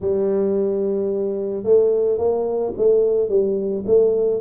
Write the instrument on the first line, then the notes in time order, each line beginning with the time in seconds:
tuba
0.01 G3
1.63 A3
2.17 A#3
2.76 A3
3.29 G3
3.86 A3